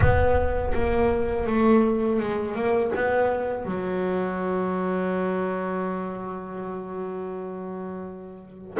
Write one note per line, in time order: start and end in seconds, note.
0.00 0.73 B3
0.74 1.46 A#3
1.46 2.19 A3
2.19 2.55 G#3
2.55 2.91 A#3
2.95 3.65 B3
3.65 8.77 F#3